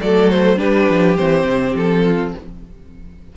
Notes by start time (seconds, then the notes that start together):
0.00 F#3 A3 A4 D5
0.30 C5
0.56 G3 D4 G4 B4
0.89 F3
1.16 E3 C4 C5
1.44 C3
1.75 F3 A4
2.03 F4